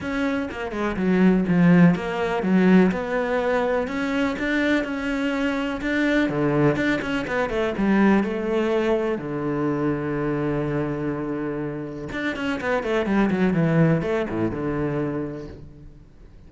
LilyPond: \new Staff \with { instrumentName = "cello" } { \time 4/4 \tempo 4 = 124 cis'4 ais8 gis8 fis4 f4 | ais4 fis4 b2 | cis'4 d'4 cis'2 | d'4 d4 d'8 cis'8 b8 a8 |
g4 a2 d4~ | d1~ | d4 d'8 cis'8 b8 a8 g8 fis8 | e4 a8 a,8 d2 | }